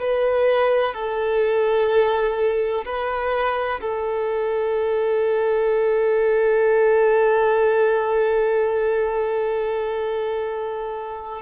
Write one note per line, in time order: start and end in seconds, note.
0.00 0.94 B4
0.94 2.85 A4
2.85 3.81 B4
3.81 11.42 A4